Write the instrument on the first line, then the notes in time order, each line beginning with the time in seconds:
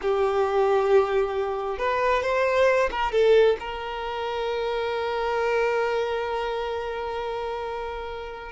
violin
0.01 G4
1.78 B4
2.22 C5
2.90 A#4
3.12 A4
3.59 A#4